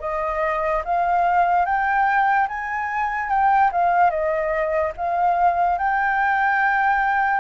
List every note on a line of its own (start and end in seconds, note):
0.00 0.82 D#5
0.84 1.65 F5
1.65 2.47 G5
2.48 3.30 G#5
3.30 3.71 G5
3.72 4.10 F5
4.10 4.92 D#5
4.97 5.78 F5
5.78 7.40 G5